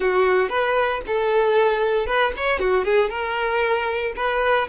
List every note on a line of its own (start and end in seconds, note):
0.00 0.49 F#4
0.49 1.01 B4
1.06 2.06 A4
2.06 2.32 B4
2.37 2.59 C#5
2.59 2.84 F#4
2.84 3.09 G#4
3.09 4.13 A#4
4.16 4.67 B4